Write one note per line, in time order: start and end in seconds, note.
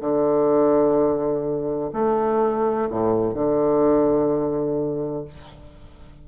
0.00 1.90 D3
1.93 2.88 A3
2.90 3.34 A2
3.34 5.24 D3